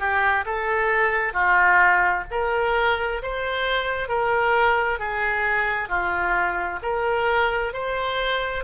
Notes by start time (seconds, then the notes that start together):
0.00 G4
0.46 A4
1.33 F4
2.31 A#4
3.23 C5
4.09 A#4
5.00 G#4
5.89 F4
6.83 A#4
7.74 C5